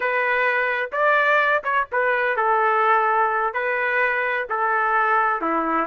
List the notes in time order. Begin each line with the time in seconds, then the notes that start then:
0.00 B4
0.92 D5
1.63 C#5
1.92 B4
2.36 A4
3.53 B4
4.49 A4
5.41 E4